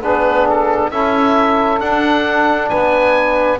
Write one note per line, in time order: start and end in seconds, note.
0.00 0.91 B3
0.00 0.91 D4
0.00 0.90 G#4
0.00 0.48 B4
0.49 0.90 A4
0.90 1.81 C#4
0.90 1.79 E4
0.90 2.69 A4
0.90 1.80 E5
1.79 3.58 D4
1.79 2.71 D4
1.79 2.69 F#5
2.69 3.59 B3
2.69 3.59 B4
2.69 3.58 G#5